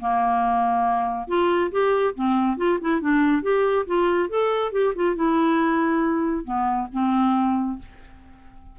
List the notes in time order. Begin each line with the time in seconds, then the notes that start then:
0.00 A#3
1.28 F4
1.71 G4
2.15 C4
2.57 F4
2.81 E4
3.01 D4
3.42 G4
3.87 F4
4.29 A4
4.72 G4
4.95 F4
5.15 E4
6.45 B3
6.92 C4